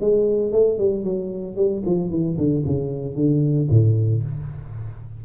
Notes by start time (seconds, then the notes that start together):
0.00 G#3
0.52 A3
0.78 G3
1.04 F#3
1.56 G3
1.86 F3
2.10 E3
2.37 D3
2.66 C#3
3.15 D3
3.70 A2